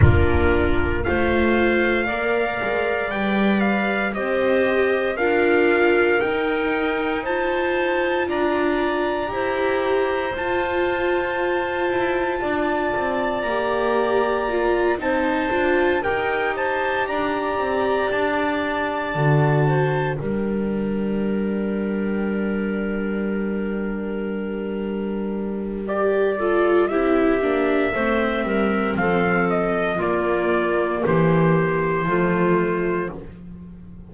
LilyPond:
<<
  \new Staff \with { instrumentName = "trumpet" } { \time 4/4 \tempo 4 = 58 ais'4 f''2 g''8 f''8 | dis''4 f''4 g''4 a''4 | ais''2 a''2~ | a''4 ais''4. a''4 g''8 |
a''8 ais''4 a''2 g''8~ | g''1~ | g''4 d''4 e''2 | f''8 dis''8 d''4 c''2 | }
  \new Staff \with { instrumentName = "clarinet" } { \time 4/4 f'4 c''4 d''2 | c''4 ais'2 c''4 | d''4 c''2. | d''2~ d''8 c''4 ais'8 |
c''8 d''2~ d''8 c''8 ais'8~ | ais'1~ | ais'4. a'8 g'4 c''8 ais'8 | a'4 f'4 g'4 f'4 | }
  \new Staff \with { instrumentName = "viola" } { \time 4/4 d'4 f'4 ais'4 b'4 | g'4 f'4 dis'4 f'4~ | f'4 g'4 f'2~ | f'4 g'4 f'8 dis'8 f'8 g'8~ |
g'2~ g'8 fis'4 d'8~ | d'1~ | d'4 g'8 f'8 e'8 d'8 c'4~ | c'4 ais2 a4 | }
  \new Staff \with { instrumentName = "double bass" } { \time 4/4 ais4 a4 ais8 gis8 g4 | c'4 d'4 dis'2 | d'4 e'4 f'4. e'8 | d'8 c'8 ais4. c'8 d'8 dis'8~ |
dis'8 d'8 c'8 d'4 d4 g8~ | g1~ | g2 c'8 ais8 a8 g8 | f4 ais4 e4 f4 | }
>>